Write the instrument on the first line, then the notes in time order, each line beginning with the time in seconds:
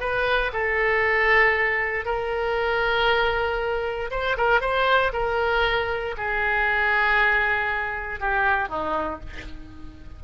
oboe
0.00 B4
0.53 A4
2.05 A#4
4.10 C5
4.37 A#4
4.61 C5
5.13 A#4
6.17 G#4
8.20 G4
8.69 D#4